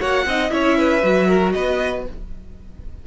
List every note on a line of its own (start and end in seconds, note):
0.00 0.26 A#3
0.00 0.26 F#4
0.00 0.25 C#5
0.00 0.51 F#5
0.26 0.51 C4
0.26 0.49 D#4
0.26 0.53 D#5
0.49 1.03 C#4
0.49 1.00 E4
0.49 0.78 C#5
0.49 1.52 E5
0.78 1.28 B4
1.03 1.54 F#3
1.03 2.04 F#4
1.28 1.54 A#4
1.52 2.07 B3
1.52 2.07 B4
1.52 2.03 D#5